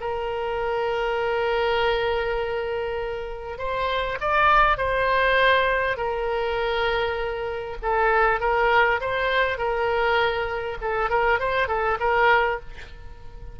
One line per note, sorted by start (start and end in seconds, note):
0.00 3.58 A#4
3.58 4.18 C5
4.21 4.77 D5
4.77 5.97 C5
5.97 7.77 A#4
7.82 8.40 A4
8.40 9.00 A#4
9.00 9.58 C5
9.58 10.78 A#4
10.81 11.10 A4
11.10 11.39 A#4
11.39 11.68 C5
11.68 11.98 A4
12.00 12.60 A#4